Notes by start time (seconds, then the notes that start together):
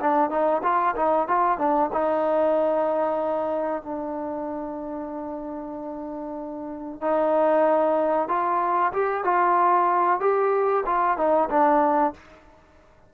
0.00 D4
0.30 D#4
0.63 F4
0.96 D#4
1.28 F4
1.58 D4
1.92 D#4
3.82 D4
7.01 D#4
8.28 F4
8.93 G4
9.24 F4
10.20 G4
10.86 F4
11.17 D#4
11.50 D4